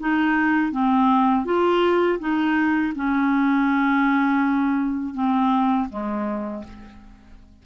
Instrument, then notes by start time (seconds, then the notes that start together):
clarinet
0.00 D#4
0.72 C4
1.45 F4
2.20 D#4
2.96 C#4
5.14 C4
5.90 G#3